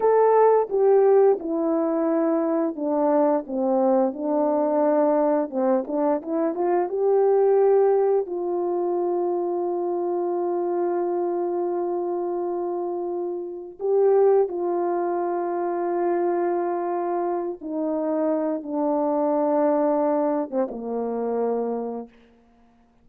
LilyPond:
\new Staff \with { instrumentName = "horn" } { \time 4/4 \tempo 4 = 87 a'4 g'4 e'2 | d'4 c'4 d'2 | c'8 d'8 e'8 f'8 g'2 | f'1~ |
f'1 | g'4 f'2.~ | f'4. dis'4. d'4~ | d'4.~ d'16 c'16 ais2 | }